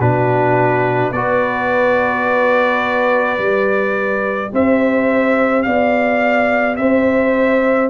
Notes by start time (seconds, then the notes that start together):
0.00 B2 D4 F#4 B4
1.12 B3 F#4 B4 D5
3.39 G3 G4
4.53 C4 C5 E5
5.63 B3 D5 F5
6.77 C4 C5 E5